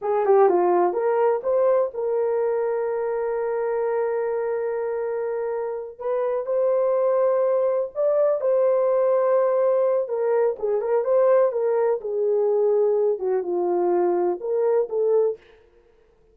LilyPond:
\new Staff \with { instrumentName = "horn" } { \time 4/4 \tempo 4 = 125 gis'8 g'8 f'4 ais'4 c''4 | ais'1~ | ais'1~ | ais'8 b'4 c''2~ c''8~ |
c''8 d''4 c''2~ c''8~ | c''4 ais'4 gis'8 ais'8 c''4 | ais'4 gis'2~ gis'8 fis'8 | f'2 ais'4 a'4 | }